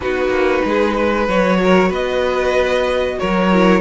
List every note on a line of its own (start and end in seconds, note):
0.00 0.28 B3
0.00 1.28 D#4
0.00 0.65 F#4
0.00 1.28 B4
0.28 0.60 A#3
0.64 1.28 G#3
0.64 0.93 G#4
0.93 1.57 B4
1.28 1.90 F#3
1.28 3.52 F#4
1.28 1.92 C#5
1.63 1.88 A#4
1.88 3.17 B3
1.88 3.16 B4
1.88 3.19 D#5
3.19 3.81 F#3
3.19 3.81 A#4
3.19 3.81 C#5
3.52 3.81 E4